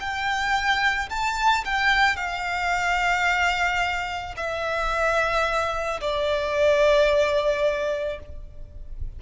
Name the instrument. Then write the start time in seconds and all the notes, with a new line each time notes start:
violin
0.00 G5
1.10 A5
1.65 G5
2.16 F5
4.37 E5
6.01 D5